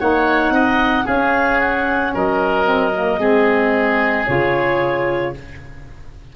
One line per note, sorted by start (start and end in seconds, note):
0.00 0.51 A#3
0.00 1.05 D#4
0.00 0.54 C#5
0.00 1.07 F#5
0.51 1.05 C4
0.51 1.05 D#5
1.05 2.65 C#4
1.05 2.15 C#4
1.05 2.12 G#4
1.05 1.60 F5
1.60 2.14 F#5
2.15 3.19 F#3
2.15 3.21 A#4
2.15 4.27 D#5
2.65 2.92 C4
2.94 3.20 A#3
3.19 4.26 G#3
3.19 4.27 C4
3.19 5.35 G#4
4.27 5.36 C#3
4.27 5.34 F4
4.27 5.34 C#5